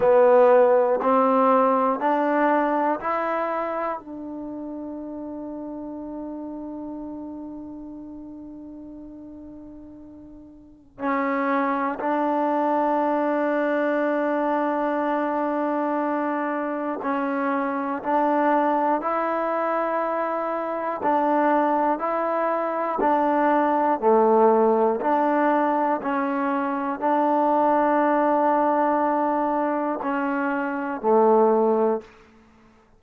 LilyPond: \new Staff \with { instrumentName = "trombone" } { \time 4/4 \tempo 4 = 60 b4 c'4 d'4 e'4 | d'1~ | d'2. cis'4 | d'1~ |
d'4 cis'4 d'4 e'4~ | e'4 d'4 e'4 d'4 | a4 d'4 cis'4 d'4~ | d'2 cis'4 a4 | }